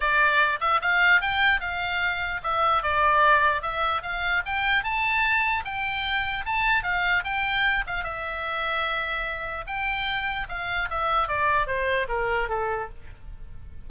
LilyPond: \new Staff \with { instrumentName = "oboe" } { \time 4/4 \tempo 4 = 149 d''4. e''8 f''4 g''4 | f''2 e''4 d''4~ | d''4 e''4 f''4 g''4 | a''2 g''2 |
a''4 f''4 g''4. f''8 | e''1 | g''2 f''4 e''4 | d''4 c''4 ais'4 a'4 | }